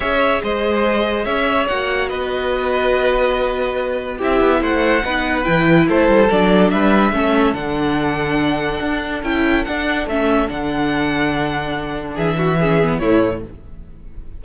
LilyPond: <<
  \new Staff \with { instrumentName = "violin" } { \time 4/4 \tempo 4 = 143 e''4 dis''2 e''4 | fis''4 dis''2.~ | dis''2 e''4 fis''4~ | fis''4 g''4 c''4 d''4 |
e''2 fis''2~ | fis''2 g''4 fis''4 | e''4 fis''2.~ | fis''4 e''2 cis''4 | }
  \new Staff \with { instrumentName = "violin" } { \time 4/4 cis''4 c''2 cis''4~ | cis''4 b'2.~ | b'2 g'4 c''4 | b'2 a'2 |
b'4 a'2.~ | a'1~ | a'1~ | a'4 gis'8 fis'8 gis'4 e'4 | }
  \new Staff \with { instrumentName = "viola" } { \time 4/4 gis'1 | fis'1~ | fis'2 e'2 | dis'4 e'2 d'4~ |
d'4 cis'4 d'2~ | d'2 e'4 d'4 | cis'4 d'2.~ | d'2 cis'8 b8 a4 | }
  \new Staff \with { instrumentName = "cello" } { \time 4/4 cis'4 gis2 cis'4 | ais4 b2.~ | b2 c'8 b8 a4 | b4 e4 a8 g8 fis4 |
g4 a4 d2~ | d4 d'4 cis'4 d'4 | a4 d2.~ | d4 e2 a,4 | }
>>